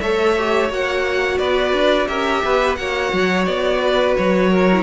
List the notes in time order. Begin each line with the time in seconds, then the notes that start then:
0.00 A3 A4 C#5 E5
0.37 G4
0.69 A#3 F#4 F#5
1.38 B3 B4 D5
1.73 D4
2.07 C#4 G4 A#4 E5
2.44 B3 B4
2.75 A#3 F#4 C#5 F#5
3.13 F#3
3.45 B3 D5
3.81 B4
4.16 F#3 C#5
4.50 A#4
4.72 E4